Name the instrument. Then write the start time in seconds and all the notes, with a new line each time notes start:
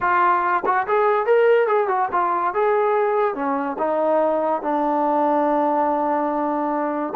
trombone
0.00 F4
0.65 F#4
0.87 G#4
1.26 A#4
1.67 G#4
1.88 F#4
2.12 F4
2.54 G#4
3.34 C#4
3.78 D#4
4.62 D4